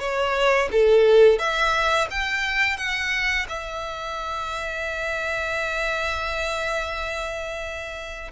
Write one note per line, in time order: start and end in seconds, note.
0.00 0.69 C#5
0.72 1.39 A4
1.39 2.08 E5
2.11 2.77 G5
2.77 3.46 F#5
3.49 8.32 E5